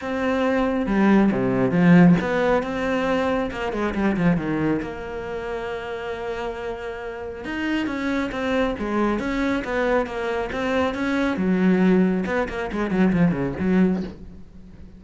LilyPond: \new Staff \with { instrumentName = "cello" } { \time 4/4 \tempo 4 = 137 c'2 g4 c4 | f4 b4 c'2 | ais8 gis8 g8 f8 dis4 ais4~ | ais1~ |
ais4 dis'4 cis'4 c'4 | gis4 cis'4 b4 ais4 | c'4 cis'4 fis2 | b8 ais8 gis8 fis8 f8 cis8 fis4 | }